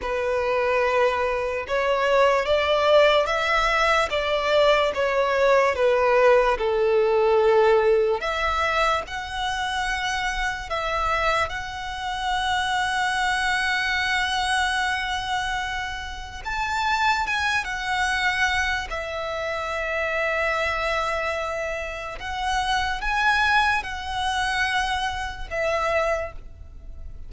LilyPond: \new Staff \with { instrumentName = "violin" } { \time 4/4 \tempo 4 = 73 b'2 cis''4 d''4 | e''4 d''4 cis''4 b'4 | a'2 e''4 fis''4~ | fis''4 e''4 fis''2~ |
fis''1 | a''4 gis''8 fis''4. e''4~ | e''2. fis''4 | gis''4 fis''2 e''4 | }